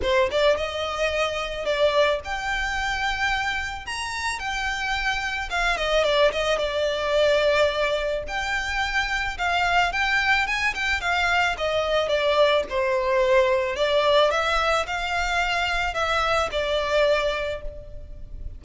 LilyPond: \new Staff \with { instrumentName = "violin" } { \time 4/4 \tempo 4 = 109 c''8 d''8 dis''2 d''4 | g''2. ais''4 | g''2 f''8 dis''8 d''8 dis''8 | d''2. g''4~ |
g''4 f''4 g''4 gis''8 g''8 | f''4 dis''4 d''4 c''4~ | c''4 d''4 e''4 f''4~ | f''4 e''4 d''2 | }